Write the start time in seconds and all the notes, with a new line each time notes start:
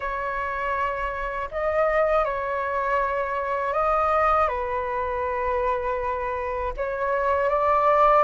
0.00 C#5
1.51 D#5
2.24 C#5
3.73 D#5
4.48 B4
6.76 C#5
7.49 D5